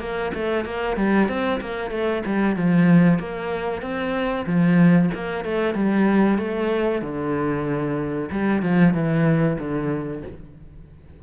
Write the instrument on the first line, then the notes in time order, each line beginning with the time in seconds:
cello
0.00 A#3
0.35 A3
0.65 A#3
0.97 G3
1.29 C4
1.61 A#3
1.91 A3
2.26 G3
2.56 F3
3.19 A#3
3.82 C4
4.47 F3
5.14 A#3
5.45 A3
5.75 G3
6.38 A3
7.02 D3
8.31 G3
8.62 F3
8.94 E3
9.59 D3